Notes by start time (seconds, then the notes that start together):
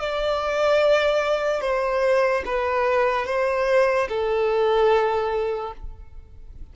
0.00 D5
1.61 C5
2.46 B4
3.26 C5
4.09 A4